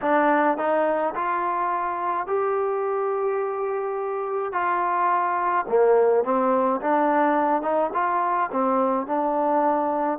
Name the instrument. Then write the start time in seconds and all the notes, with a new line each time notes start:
trombone
0.01 D4
0.57 D#4
1.15 F4
2.26 G4
4.52 F4
5.68 A#3
6.24 C4
6.80 D4
7.62 D#4
7.93 F4
8.51 C4
9.06 D4